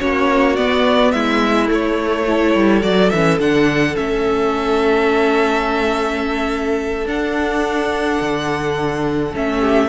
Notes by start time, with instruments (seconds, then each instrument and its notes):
0.00 cello A#3, viola C#4, violin F#4 C#5
0.56 viola B3, cello B3, violin D5
1.12 cello G#3, violin E4 E5
1.67 viola A3, cello A3
1.73 violin C#5
2.27 viola E4, violin A4
2.54 cello G3
2.82 cello F#3, viola F#4, violin D5
3.10 cello E3, viola C#4, violin E5
3.39 cello D3, viola D4, violin F#5
3.96 cello A3, viola C#4, violin E5
7.06 cello D4, viola D4, violin F#5
8.21 cello D3
9.35 cello A3, viola C#4, violin E5
9.59 violin G4